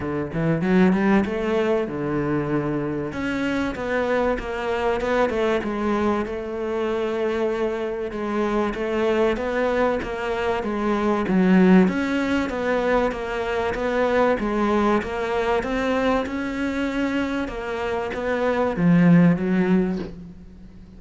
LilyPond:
\new Staff \with { instrumentName = "cello" } { \time 4/4 \tempo 4 = 96 d8 e8 fis8 g8 a4 d4~ | d4 cis'4 b4 ais4 | b8 a8 gis4 a2~ | a4 gis4 a4 b4 |
ais4 gis4 fis4 cis'4 | b4 ais4 b4 gis4 | ais4 c'4 cis'2 | ais4 b4 f4 fis4 | }